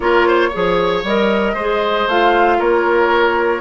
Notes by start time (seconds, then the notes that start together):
0.00 A#3 F4 A#4 C#5
0.27 C5
0.48 G#4 C#5
0.55 F3
1.03 G3 A#4 D#5
1.53 G#3 G#4 C5
2.07 A3 F4 F5
2.58 A#3 A#4 C#5